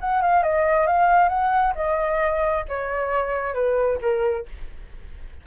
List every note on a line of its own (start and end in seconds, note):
0.00 0.21 F#5
0.21 0.43 F5
0.43 0.86 D#5
0.86 1.28 F5
1.28 1.73 F#5
1.75 2.65 D#5
2.68 3.54 C#5
3.54 3.98 B4
4.01 4.46 A#4